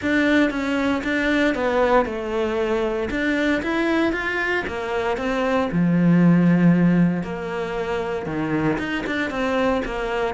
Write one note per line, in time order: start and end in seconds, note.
0.01 0.50 D4
0.50 1.02 C#4
1.03 1.54 D4
1.54 2.05 B3
2.05 3.09 A3
3.10 3.62 D4
3.62 4.12 E4
4.12 4.64 F4
4.67 5.17 A#3
5.17 5.69 C4
5.71 7.23 F3
7.23 8.26 A#3
8.26 8.77 D#3
8.78 9.04 D#4
9.06 9.30 D4
9.30 9.82 C4
9.85 10.34 A#3